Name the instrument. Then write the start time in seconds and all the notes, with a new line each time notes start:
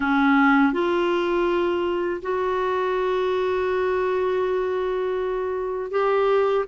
clarinet
0.00 C#4
0.72 F4
2.22 F#4
5.91 G4